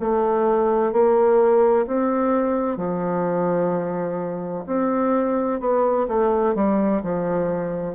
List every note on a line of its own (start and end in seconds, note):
0.00 0.92 A3
0.92 1.86 A#3
1.87 2.77 C4
2.77 4.64 F3
4.66 5.60 C4
5.60 6.07 B3
6.08 6.55 A3
6.55 7.02 G3
7.03 7.95 F3